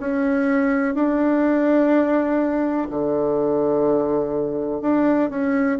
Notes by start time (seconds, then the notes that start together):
0.00 C#4
0.95 D4
2.90 D3
4.82 D4
5.30 C#4